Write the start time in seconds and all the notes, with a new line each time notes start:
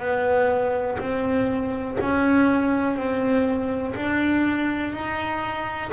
0.00 B3
0.99 C4
2.01 C#4
2.96 C4
3.96 D4
4.93 D#4